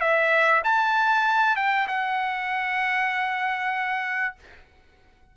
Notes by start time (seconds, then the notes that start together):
0.00 E5
0.64 A5
1.56 G5
1.87 F#5